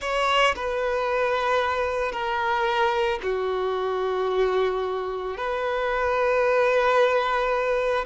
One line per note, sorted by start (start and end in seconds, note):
0.01 0.55 C#5
0.55 2.12 B4
2.12 3.19 A#4
3.22 5.37 F#4
5.37 8.05 B4